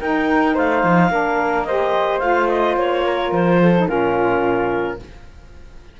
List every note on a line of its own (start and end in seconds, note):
0.00 0.56 D#4
0.00 1.11 D#4
0.00 0.54 A#4
0.00 0.56 G5
0.54 0.83 A3
0.54 1.10 C5
0.54 1.64 F5
0.83 1.10 F3
1.10 2.21 A#3
1.10 1.66 D4
1.10 1.66 A#4
1.64 2.20 G4
1.64 3.05 C5
1.64 2.19 D#5
2.19 2.76 A3
2.19 3.73 F4
2.19 2.47 F5
2.48 2.76 D#5
2.76 3.31 A#3
2.76 3.33 C#5
3.05 3.60 A#4
3.31 3.87 F3
3.31 3.88 C5
3.62 3.89 A4
3.77 3.88 D#4
3.88 4.99 A#2
3.88 4.99 C#4
3.88 5.00 F4
3.88 4.99 A#4